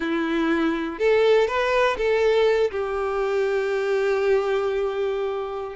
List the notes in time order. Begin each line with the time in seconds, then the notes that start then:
0.00 E4
0.98 A4
1.47 B4
1.97 A4
2.71 G4